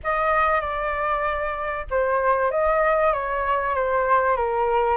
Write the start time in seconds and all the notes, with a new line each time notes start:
0.03 D#5
0.61 D5
1.90 C5
2.51 D#5
3.13 C#5
3.74 C5
4.36 A#4